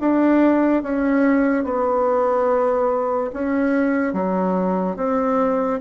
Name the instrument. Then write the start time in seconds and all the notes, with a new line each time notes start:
bassoon
0.00 D4
0.83 C#4
1.64 B3
3.33 C#4
4.14 F#3
4.97 C4